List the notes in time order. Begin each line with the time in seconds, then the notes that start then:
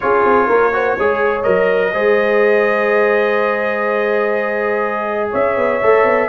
0.00 C#4 F4 G#4 C#5
0.24 C4
0.47 A#3 A#4
0.72 F#4 C5
0.97 G#3 G#4 C#5
1.42 F#3 A#4 D#5
1.92 G#3 G#4 C5
5.30 C#4 C#5 E5
5.57 B3
5.82 A3 A4
6.03 B3